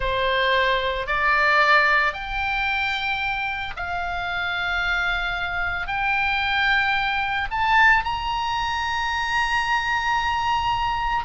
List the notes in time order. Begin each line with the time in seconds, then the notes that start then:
0.00 C5
1.06 D5
2.13 G5
3.76 F5
5.87 G5
7.50 A5
8.04 A#5